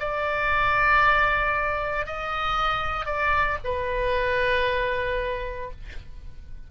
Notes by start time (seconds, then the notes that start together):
0.00 D5
2.06 D#5
3.06 D5
3.64 B4